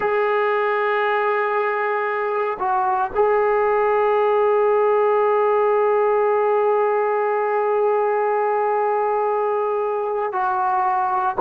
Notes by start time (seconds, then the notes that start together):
0.00 G#4
2.59 F#4
3.14 G#4
10.32 F#4